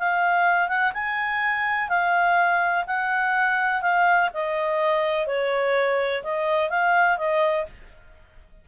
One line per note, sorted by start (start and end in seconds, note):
0.00 0.69 F5
0.69 0.93 F#5
0.94 1.90 G#5
1.90 2.86 F5
2.87 3.82 F#5
3.82 4.30 F5
4.34 5.27 D#5
5.27 6.23 C#5
6.24 6.70 D#5
6.70 7.18 F5
7.18 7.66 D#5